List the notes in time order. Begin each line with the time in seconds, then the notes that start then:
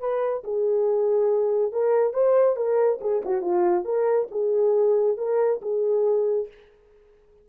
0.00 B4
0.44 G#4
1.72 A#4
2.14 C5
2.56 A#4
3.01 G#4
3.26 F#4
3.42 F4
3.85 A#4
4.31 G#4
5.18 A#4
5.62 G#4